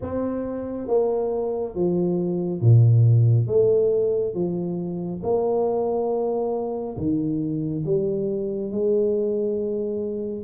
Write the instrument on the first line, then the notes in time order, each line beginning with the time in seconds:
tuba
0.01 C4
0.87 A#3
1.74 F3
2.61 A#2
3.47 A3
4.34 F3
5.23 A#3
6.97 D#3
7.85 G3
8.71 G#3